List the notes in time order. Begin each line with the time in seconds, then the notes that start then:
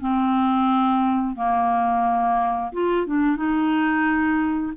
0.00 C4
1.35 A#3
2.72 F4
3.06 D4
3.36 D#4